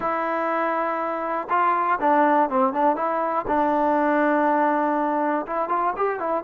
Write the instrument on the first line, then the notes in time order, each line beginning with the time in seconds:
trombone
0.00 E4
1.49 F4
2.00 D4
2.49 C4
2.73 D4
2.95 E4
3.47 D4
5.46 E4
5.69 F4
5.96 G4
6.19 E4